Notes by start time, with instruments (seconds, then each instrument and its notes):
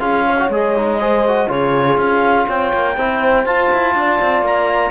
0.00 cello C#4, trombone F4, horn G#4, clarinet F5
0.28 horn C#5
0.39 trombone F#4
0.49 cello G#3, trombone G#4, clarinet D#5
0.77 trombone D#4
1.00 trombone G#4, horn C5
1.28 trombone F#4
1.48 cello C#3, trombone F4, horn G#4, clarinet C#5
1.98 cello C#4, clarinet F5
2.47 cello C4, horn C#5, clarinet G5
2.74 cello A#3
2.97 cello C4, trombone E4, horn C5
3.46 cello F4, trombone F4, clarinet A5
3.73 cello E4
3.95 cello D4, horn D5
4.22 cello C4
4.42 cello A#3, clarinet A#5